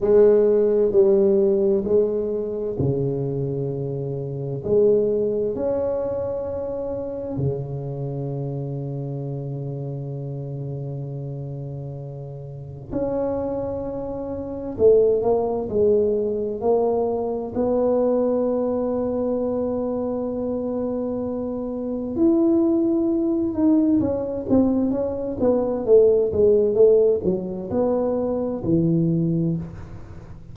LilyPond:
\new Staff \with { instrumentName = "tuba" } { \time 4/4 \tempo 4 = 65 gis4 g4 gis4 cis4~ | cis4 gis4 cis'2 | cis1~ | cis2 cis'2 |
a8 ais8 gis4 ais4 b4~ | b1 | e'4. dis'8 cis'8 c'8 cis'8 b8 | a8 gis8 a8 fis8 b4 e4 | }